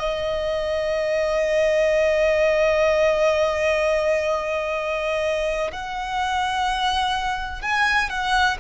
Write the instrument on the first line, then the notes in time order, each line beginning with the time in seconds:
violin
0.00 D#5
5.72 F#5
7.62 G#5
8.10 F#5